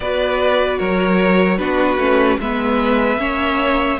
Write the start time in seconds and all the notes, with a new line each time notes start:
0.00 B3 F#4 B4 D5
0.78 F#3 A#4 C#5
1.58 B3 D4 F#4 B4
1.97 A3 C#4
2.39 G#3 B3 B4 E5
3.17 A#3 C#4 C#5